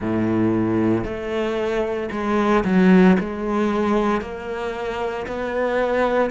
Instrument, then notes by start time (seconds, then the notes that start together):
cello
0.00 A2
1.04 A3
2.11 G#3
2.64 F#3
3.20 G#3
4.21 A#3
5.26 B3